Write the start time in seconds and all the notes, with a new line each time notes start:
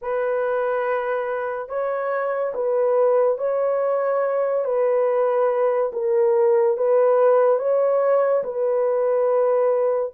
0.01 B4
1.69 C#5
2.54 B4
3.38 C#5
4.64 B4
5.92 A#4
6.77 B4
7.58 C#5
8.43 B4